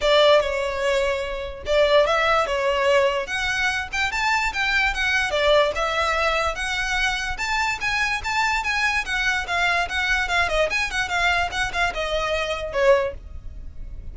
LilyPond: \new Staff \with { instrumentName = "violin" } { \time 4/4 \tempo 4 = 146 d''4 cis''2. | d''4 e''4 cis''2 | fis''4. g''8 a''4 g''4 | fis''4 d''4 e''2 |
fis''2 a''4 gis''4 | a''4 gis''4 fis''4 f''4 | fis''4 f''8 dis''8 gis''8 fis''8 f''4 | fis''8 f''8 dis''2 cis''4 | }